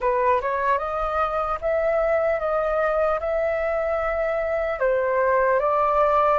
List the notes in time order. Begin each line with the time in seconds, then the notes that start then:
0.00 B4
0.41 C#5
0.78 D#5
1.61 E5
2.39 D#5
3.20 E5
4.79 C5
5.59 D5